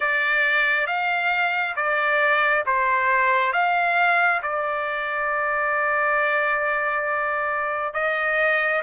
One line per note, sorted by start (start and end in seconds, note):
0.00 0.87 D5
0.87 1.75 F5
1.76 2.64 D5
2.66 3.53 C5
3.53 4.41 F5
4.42 7.93 D5
7.93 8.82 D#5